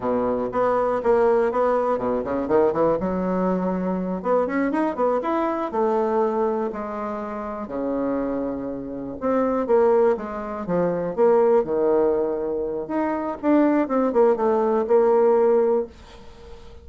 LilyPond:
\new Staff \with { instrumentName = "bassoon" } { \time 4/4 \tempo 4 = 121 b,4 b4 ais4 b4 | b,8 cis8 dis8 e8 fis2~ | fis8 b8 cis'8 dis'8 b8 e'4 a8~ | a4. gis2 cis8~ |
cis2~ cis8 c'4 ais8~ | ais8 gis4 f4 ais4 dis8~ | dis2 dis'4 d'4 | c'8 ais8 a4 ais2 | }